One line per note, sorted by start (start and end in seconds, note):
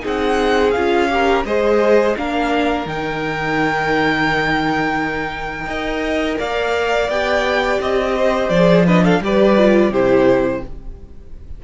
0.00 0.76 C4
0.00 0.71 D#4
0.00 1.08 G#4
0.07 0.71 F#5
0.71 1.45 C#4
0.71 1.10 F4
0.71 1.42 F5
1.10 1.45 G4
1.10 1.47 A#4
1.45 2.16 G#3
1.45 2.16 G#4
1.45 2.17 C5
1.45 2.16 D#5
2.16 2.86 A#3
2.16 2.87 D4
2.16 5.68 A#4
2.16 2.88 F5
2.86 5.66 D#3
2.86 5.69 D#4
2.86 6.39 G5
5.66 6.37 D#4
5.66 7.10 A#4
5.66 6.38 D#5
6.39 7.09 A#3
6.39 8.15 D5
6.39 7.10 F5
7.09 7.79 B3
7.09 8.52 G4
7.09 7.81 G5
7.80 8.49 C4
7.80 8.49 D#5
8.17 8.86 C5
8.49 9.20 F3
8.49 8.84 D5
8.55 8.87 G#4
8.86 9.22 D4
8.86 9.04 B4
8.86 9.05 D#5
9.04 9.22 A4
9.04 9.23 F5
9.20 9.90 G3
9.20 9.58 G4
9.20 9.91 B4
9.20 9.93 D5
9.58 9.93 F4
9.90 10.61 C3
9.90 10.64 E4
9.90 10.62 G4
9.90 10.64 C5